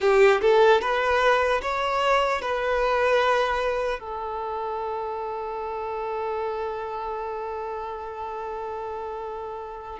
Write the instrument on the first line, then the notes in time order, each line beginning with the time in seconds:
violin
0.00 G4
0.41 A4
0.81 B4
1.62 C#5
2.41 B4
3.99 A4